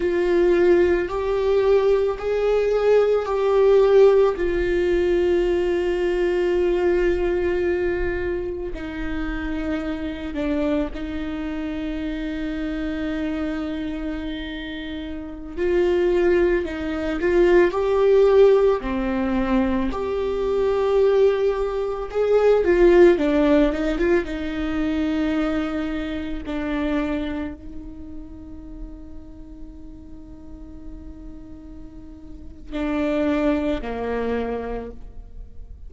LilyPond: \new Staff \with { instrumentName = "viola" } { \time 4/4 \tempo 4 = 55 f'4 g'4 gis'4 g'4 | f'1 | dis'4. d'8 dis'2~ | dis'2~ dis'16 f'4 dis'8 f'16~ |
f'16 g'4 c'4 g'4.~ g'16~ | g'16 gis'8 f'8 d'8 dis'16 f'16 dis'4.~ dis'16~ | dis'16 d'4 dis'2~ dis'8.~ | dis'2 d'4 ais4 | }